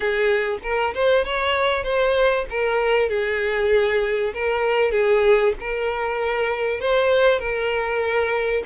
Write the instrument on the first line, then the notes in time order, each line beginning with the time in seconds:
violin
0.00 G#4
0.62 A#4
0.94 C5
1.25 C#5
1.83 C5
2.50 A#4
3.09 G#4
4.34 A#4
4.91 G#4
5.60 A#4
6.80 C5
7.39 A#4